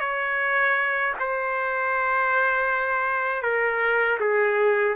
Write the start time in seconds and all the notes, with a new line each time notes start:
0.00 C#5
1.20 C5
3.42 A#4
4.20 G#4